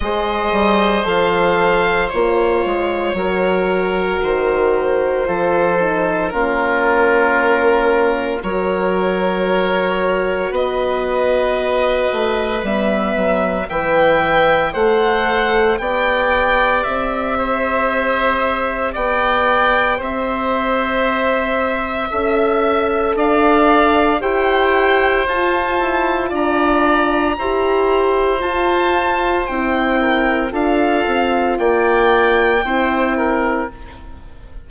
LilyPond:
<<
  \new Staff \with { instrumentName = "violin" } { \time 4/4 \tempo 4 = 57 dis''4 f''4 cis''2 | c''2 ais'2 | cis''2 dis''2 | e''4 g''4 fis''4 g''4 |
e''2 g''4 e''4~ | e''2 f''4 g''4 | a''4 ais''2 a''4 | g''4 f''4 g''2 | }
  \new Staff \with { instrumentName = "oboe" } { \time 4/4 c''2. ais'4~ | ais'4 a'4 f'2 | ais'2 b'2~ | b'4 e''4 c''4 d''4~ |
d''8 c''4. d''4 c''4~ | c''4 e''4 d''4 c''4~ | c''4 d''4 c''2~ | c''8 ais'8 a'4 d''4 c''8 ais'8 | }
  \new Staff \with { instrumentName = "horn" } { \time 4/4 gis'4 a'4 f'4 fis'4~ | fis'4 f'8 dis'8 cis'2 | fis'1 | b4 b'4 a'4 g'4~ |
g'1~ | g'4 a'2 g'4 | f'2 g'4 f'4 | e'4 f'2 e'4 | }
  \new Staff \with { instrumentName = "bassoon" } { \time 4/4 gis8 g8 f4 ais8 gis8 fis4 | dis4 f4 ais2 | fis2 b4. a8 | g8 fis8 e4 a4 b4 |
c'2 b4 c'4~ | c'4 cis'4 d'4 e'4 | f'8 e'8 d'4 e'4 f'4 | c'4 d'8 c'8 ais4 c'4 | }
>>